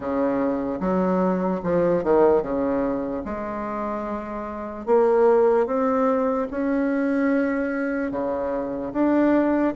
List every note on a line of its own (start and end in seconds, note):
0.00 0.79 C#3
0.80 1.61 F#3
1.63 2.03 F3
2.03 2.42 D#3
2.42 3.23 C#3
3.24 4.85 G#3
4.85 5.66 A#3
5.66 6.47 C4
6.50 8.11 C#4
8.11 8.92 C#3
8.93 9.74 D4